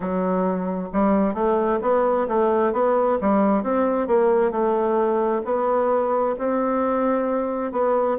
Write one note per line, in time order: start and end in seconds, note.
0.00 0.88 F#3
0.93 1.33 G3
1.33 1.79 A3
1.81 2.27 B3
2.27 2.73 A3
2.73 3.18 B3
3.21 3.63 G3
3.63 4.07 C4
4.07 4.51 A#3
4.51 5.42 A3
5.44 6.35 B3
6.38 7.71 C4
7.71 8.17 B3